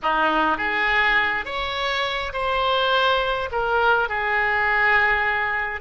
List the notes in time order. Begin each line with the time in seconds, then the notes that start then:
0.02 D#4
0.57 G#4
1.45 C#5
2.32 C5
3.51 A#4
4.08 G#4